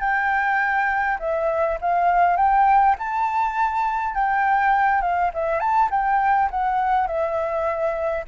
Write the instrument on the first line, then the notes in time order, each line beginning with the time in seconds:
flute
0.00 G5
1.19 E5
1.81 F5
2.36 G5
2.98 A5
4.14 G5
5.01 F5
5.34 E5
5.59 A5
5.90 G5
6.51 F#5
7.07 E5